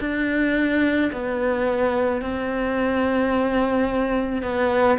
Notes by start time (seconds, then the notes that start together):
0.00 D4
1.13 B3
2.22 C4
4.42 B3